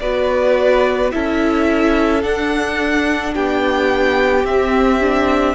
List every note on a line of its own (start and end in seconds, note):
0.00 1.12 B3
0.00 1.12 F#4
0.00 1.13 B4
0.00 1.11 D5
1.12 2.24 C#4
1.12 2.23 E4
1.12 3.35 A4
1.12 2.23 E5
2.23 4.45 D4
2.23 3.35 D4
2.23 3.35 F#5
3.35 4.44 B3
3.35 5.56 G4
3.35 4.46 G5
4.44 5.56 C4
4.44 5.01 C4
4.44 5.56 E5
5.01 5.56 D4